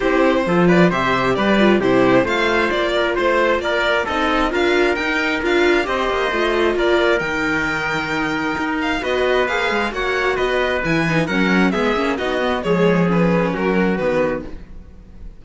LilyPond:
<<
  \new Staff \with { instrumentName = "violin" } { \time 4/4 \tempo 4 = 133 c''4. d''8 e''4 d''4 | c''4 f''4 d''4 c''4 | d''4 dis''4 f''4 g''4 | f''4 dis''2 d''4 |
g''2.~ g''8 f''8 | dis''4 f''4 fis''4 dis''4 | gis''4 fis''4 e''4 dis''4 | cis''4 b'4 ais'4 b'4 | }
  \new Staff \with { instrumentName = "trumpet" } { \time 4/4 g'4 a'8 b'8 c''4 b'4 | g'4 c''4. ais'8 c''4 | ais'4 a'4 ais'2~ | ais'4 c''2 ais'4~ |
ais'1 | b'2 cis''4 b'4~ | b'4 ais'4 gis'4 fis'4 | gis'2 fis'2 | }
  \new Staff \with { instrumentName = "viola" } { \time 4/4 e'4 f'4 g'4. f'8 | e'4 f'2.~ | f'4 dis'4 f'4 dis'4 | f'4 g'4 f'2 |
dis'1 | fis'4 gis'4 fis'2 | e'8 dis'8 cis'4 b8 cis'8 dis'8 b8 | gis4 cis'2 b4 | }
  \new Staff \with { instrumentName = "cello" } { \time 4/4 c'4 f4 c4 g4 | c4 a4 ais4 a4 | ais4 c'4 d'4 dis'4 | d'4 c'8 ais8 a4 ais4 |
dis2. dis'4 | b4 ais8 gis8 ais4 b4 | e4 fis4 gis8 ais8 b4 | f2 fis4 dis4 | }
>>